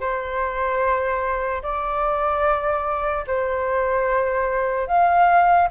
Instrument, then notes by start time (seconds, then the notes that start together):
flute
0.00 C5
1.63 D5
3.27 C5
4.87 F5